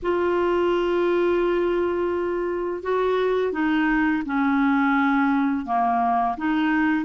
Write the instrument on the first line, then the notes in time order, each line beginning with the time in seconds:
clarinet
0.02 F4
2.82 F#4
3.52 D#4
4.25 C#4
5.65 A#3
6.37 D#4